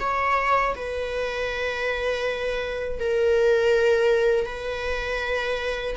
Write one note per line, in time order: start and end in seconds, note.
0.00 0.75 C#5
0.76 3.00 B4
3.00 4.46 A#4
4.46 5.96 B4